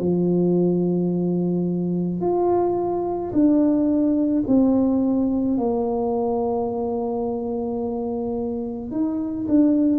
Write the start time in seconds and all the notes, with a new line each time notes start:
0.00 F3
2.21 F4
3.33 D4
4.47 C4
5.58 A#3
8.91 D#4
9.48 D4